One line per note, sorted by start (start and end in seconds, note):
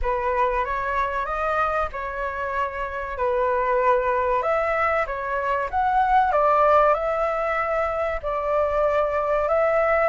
0.01 0.64 B4
0.64 1.25 C#5
1.25 1.89 D#5
1.92 3.17 C#5
3.17 4.42 B4
4.42 5.05 E5
5.06 5.69 C#5
5.70 6.32 F#5
6.32 6.93 D5
6.93 8.20 E5
8.22 9.48 D5
9.48 10.08 E5